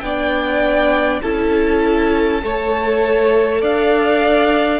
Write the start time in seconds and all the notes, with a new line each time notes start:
0.00 B3 D4 D5 G5
1.22 C#4 E4 A4 A5
2.42 A3 A4 C#5
3.61 D4 D5 F5